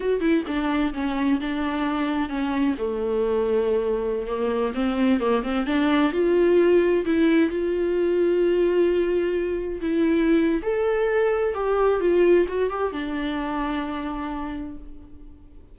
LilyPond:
\new Staff \with { instrumentName = "viola" } { \time 4/4 \tempo 4 = 130 fis'8 e'8 d'4 cis'4 d'4~ | d'4 cis'4 a2~ | a4~ a16 ais4 c'4 ais8 c'16~ | c'16 d'4 f'2 e'8.~ |
e'16 f'2.~ f'8.~ | f'4~ f'16 e'4.~ e'16 a'4~ | a'4 g'4 f'4 fis'8 g'8 | d'1 | }